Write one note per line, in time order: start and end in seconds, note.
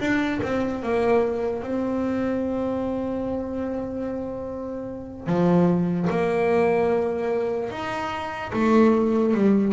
0.00 0.41 D4
0.43 0.83 C4
0.83 1.63 A#3
1.63 5.27 C4
5.27 6.08 F3
6.10 7.71 A#3
7.71 8.52 D#4
8.53 9.34 A3
9.34 9.73 G3